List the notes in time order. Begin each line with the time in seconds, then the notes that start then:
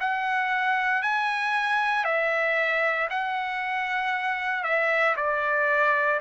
0.00 F#5
1.03 G#5
2.05 E5
3.10 F#5
4.64 E5
5.16 D5